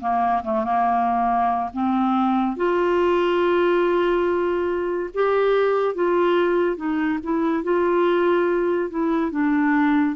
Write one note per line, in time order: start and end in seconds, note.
0.00 0.42 A#3
0.43 0.64 A3
0.64 1.70 A#3
1.73 2.56 C4
2.56 5.10 F4
5.14 5.95 G4
5.95 6.76 F4
6.76 7.19 D#4
7.23 7.63 E4
7.63 8.90 F4
8.90 9.31 E4
9.31 10.16 D4